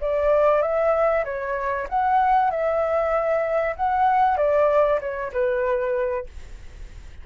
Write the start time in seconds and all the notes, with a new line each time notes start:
0.00 D5
0.61 E5
1.24 C#5
1.88 F#5
2.50 E5
3.76 F#5
4.37 D5
5.00 C#5
5.32 B4